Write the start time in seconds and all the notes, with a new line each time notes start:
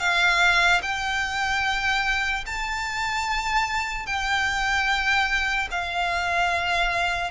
0.00 F5
0.83 G5
2.47 A5
4.07 G5
5.71 F5